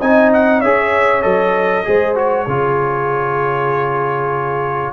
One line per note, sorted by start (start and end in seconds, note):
0.00 0.63 C4
0.00 0.64 D#4
0.00 0.60 D#5
0.00 0.32 G#5
0.34 0.61 F#5
0.60 1.25 C#4
0.60 1.22 G#4
0.60 1.84 C#5
0.60 1.23 E5
1.22 1.87 F#3
1.22 1.84 A4
1.22 2.15 D#5
1.85 2.47 G#3
1.85 2.15 G#4
1.85 2.45 C5
2.15 2.46 F#4
2.15 4.94 C#5
2.45 4.94 C#3
2.45 4.94 F4
2.45 4.93 G#4